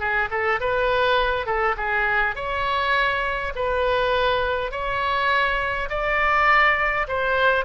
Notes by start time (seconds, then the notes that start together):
0.00 G#4
0.31 A4
0.60 B4
1.47 A4
1.77 G#4
2.36 C#5
3.56 B4
4.72 C#5
5.90 D5
7.08 C5